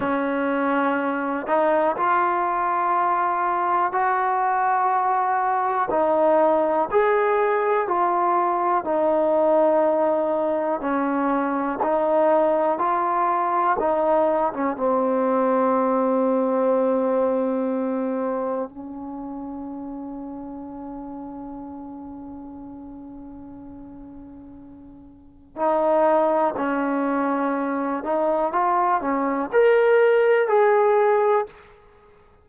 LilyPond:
\new Staff \with { instrumentName = "trombone" } { \time 4/4 \tempo 4 = 61 cis'4. dis'8 f'2 | fis'2 dis'4 gis'4 | f'4 dis'2 cis'4 | dis'4 f'4 dis'8. cis'16 c'4~ |
c'2. cis'4~ | cis'1~ | cis'2 dis'4 cis'4~ | cis'8 dis'8 f'8 cis'8 ais'4 gis'4 | }